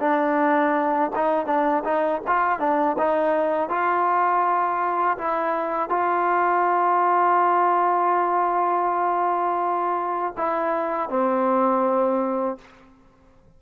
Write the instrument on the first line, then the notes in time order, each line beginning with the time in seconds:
trombone
0.00 D4
1.15 D#4
1.46 D4
1.85 D#4
2.27 F4
2.60 D4
2.99 D#4
3.69 F4
5.18 E4
5.90 F4
10.37 E4
11.10 C4